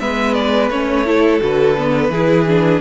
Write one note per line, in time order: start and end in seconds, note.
0.00 0.71 G#3
0.00 0.71 B3
0.00 1.07 B4
0.00 0.34 E5
0.34 0.69 D5
0.71 1.41 A3
0.71 1.06 C#4
0.71 1.41 C#5
1.06 1.40 E4
1.06 2.12 A4
1.40 2.09 D3
1.40 1.76 F#4
1.40 2.81 B4
1.78 2.13 B3
2.09 2.80 E3
2.09 2.48 E4
2.09 2.81 G#4
2.48 2.81 D4